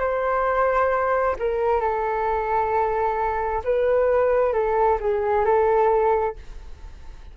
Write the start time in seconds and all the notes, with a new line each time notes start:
0.00 C5
1.39 A#4
1.81 A4
3.64 B4
4.53 A4
5.00 G#4
5.45 A4